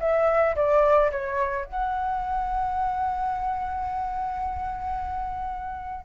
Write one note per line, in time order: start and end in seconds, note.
0.00 0.55 E5
0.56 1.11 D5
1.11 1.65 C#5
1.65 6.05 F#5